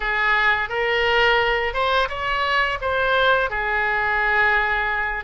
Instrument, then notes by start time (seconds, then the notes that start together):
oboe
0.00 G#4
0.69 A#4
1.73 C5
2.08 C#5
2.81 C5
3.49 G#4